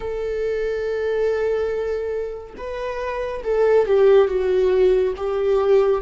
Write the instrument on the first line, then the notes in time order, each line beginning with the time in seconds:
viola
0.00 A4
2.57 B4
3.43 A4
3.86 G4
4.27 F#4
5.16 G4